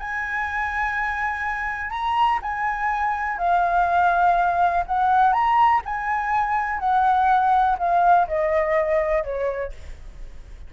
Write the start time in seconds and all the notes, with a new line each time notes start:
0.00 G#5
1.91 A#5
2.43 G#5
3.39 F5
4.87 F#5
5.33 A#5
5.86 G#5
6.80 F#5
7.79 F5
8.28 D#5
9.24 C#5